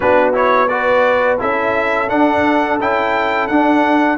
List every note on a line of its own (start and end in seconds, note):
0.00 1.41 B3
0.00 0.33 D4
0.00 0.70 F#4
0.00 0.33 B4
0.33 0.68 E4
0.33 0.68 C#5
0.68 1.38 F#4
0.68 1.40 B4
0.68 1.37 D5
1.38 2.10 C#4
1.38 2.08 E4
1.38 4.17 A4
1.38 2.09 E5
2.09 2.78 D4
2.09 2.79 D4
2.09 2.78 F#5
2.79 3.49 C#4
2.79 3.50 E4
2.79 3.47 G5
3.47 4.17 D4
3.47 4.17 F#5